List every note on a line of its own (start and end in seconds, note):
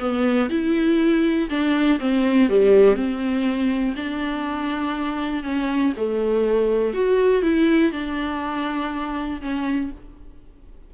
0.00 0.50 B3
0.50 1.49 E4
1.50 1.99 D4
2.00 2.49 C4
2.49 2.96 G3
2.96 3.95 C4
3.96 5.44 D4
5.44 5.93 C#4
5.97 6.94 A3
6.94 7.43 F#4
7.43 7.92 E4
7.92 9.41 D4
9.42 9.91 C#4